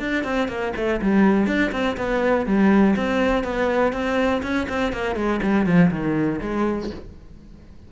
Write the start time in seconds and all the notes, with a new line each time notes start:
0.00 D4
0.24 C4
0.49 A#3
0.76 A3
1.01 G3
1.47 D4
1.72 C4
1.97 B3
2.46 G3
2.96 C4
3.44 B3
3.93 C4
4.43 C#4
4.69 C4
4.93 A#3
5.16 G#3
5.43 G3
5.66 F3
5.91 D#3
6.41 G#3